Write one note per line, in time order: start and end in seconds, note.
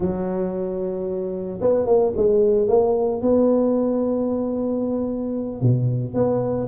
0.00 1.60 F#3
1.61 1.86 B3
1.86 2.12 A#3
2.16 2.68 G#3
2.68 3.21 A#3
3.21 5.61 B3
5.61 6.13 B2
6.13 6.67 B3